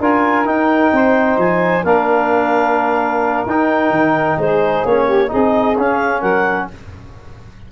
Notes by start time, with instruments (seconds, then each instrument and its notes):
0.00 tuba D4, trombone F4, saxophone A#4, clarinet G#5
0.45 tuba D#4, trombone D#4, clarinet G5
0.92 tuba C4, saxophone C5
1.38 tuba F3, clarinet G#5
1.84 tuba A#3, trombone D4, saxophone A#4, clarinet F5
3.46 tuba D#4, trombone D#4, clarinet G5
3.91 tuba D#3
4.38 tuba G#3, saxophone G#4, clarinet C5
4.85 tuba A#3, trombone C#4, clarinet C#5
5.06 saxophone G4
5.28 tuba C4, trombone D#4, saxophone G#4, clarinet D#5
5.78 tuba C#4, trombone C#4, clarinet F5
6.20 tuba F#3, saxophone A#4, clarinet F#5